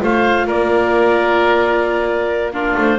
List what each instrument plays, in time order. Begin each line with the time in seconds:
0.00 double bass A3, viola F4, oboe C5, clarinet F5
0.46 double bass A#3, oboe A#4, clarinet D5
2.52 viola D4, oboe F4, clarinet A#4
2.77 double bass A3, clarinet C5